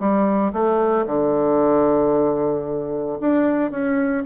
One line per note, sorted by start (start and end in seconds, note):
0.00 0.53 G3
0.53 1.06 A3
1.07 3.19 D3
3.21 3.71 D4
3.71 4.25 C#4